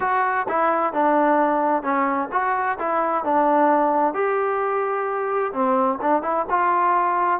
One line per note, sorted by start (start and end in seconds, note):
0.00 0.46 F#4
0.48 0.93 E4
0.93 1.82 D4
1.82 2.28 C#4
2.31 2.78 F#4
2.78 3.24 E4
3.24 4.13 D4
4.13 5.52 G4
5.52 5.99 C4
6.01 6.22 D4
6.22 6.45 E4
6.49 7.40 F4